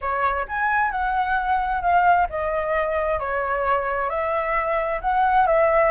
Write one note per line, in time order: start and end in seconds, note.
0.01 0.46 C#5
0.48 0.91 G#5
0.91 1.81 F#5
1.81 2.27 F5
2.29 3.19 D#5
3.19 4.09 C#5
4.09 5.00 E5
5.01 5.46 F#5
5.46 5.91 E5